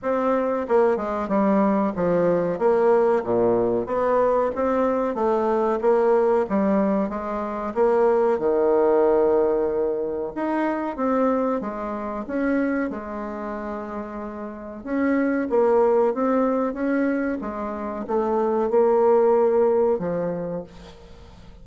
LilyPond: \new Staff \with { instrumentName = "bassoon" } { \time 4/4 \tempo 4 = 93 c'4 ais8 gis8 g4 f4 | ais4 ais,4 b4 c'4 | a4 ais4 g4 gis4 | ais4 dis2. |
dis'4 c'4 gis4 cis'4 | gis2. cis'4 | ais4 c'4 cis'4 gis4 | a4 ais2 f4 | }